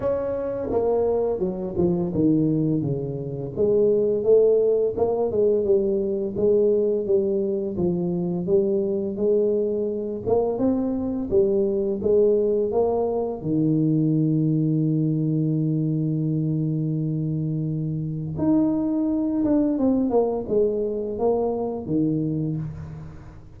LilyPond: \new Staff \with { instrumentName = "tuba" } { \time 4/4 \tempo 4 = 85 cis'4 ais4 fis8 f8 dis4 | cis4 gis4 a4 ais8 gis8 | g4 gis4 g4 f4 | g4 gis4. ais8 c'4 |
g4 gis4 ais4 dis4~ | dis1~ | dis2 dis'4. d'8 | c'8 ais8 gis4 ais4 dis4 | }